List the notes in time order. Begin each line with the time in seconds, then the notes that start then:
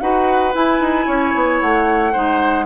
0.00 D#4 F#4 B4 F#5
0.54 E4 G#5
0.80 D#4
1.07 C#4 C#5
1.35 B3
1.61 A3 F#5
2.12 G#3 D#4 C5